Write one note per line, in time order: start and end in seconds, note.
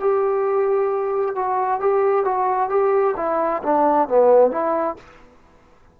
0.00 1.36 G4
1.36 1.80 F#4
1.80 2.25 G4
2.25 2.70 F#4
2.70 3.15 G4
3.17 3.62 E4
3.63 4.08 D4
4.08 4.51 B3
4.51 4.96 E4